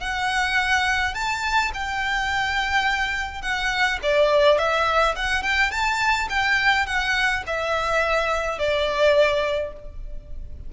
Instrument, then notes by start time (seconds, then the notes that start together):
violin
0.00 F#5
1.14 A5
1.73 G5
3.42 F#5
4.02 D5
4.58 E5
5.16 F#5
5.42 G5
5.71 A5
6.29 G5
6.86 F#5
7.46 E5
8.58 D5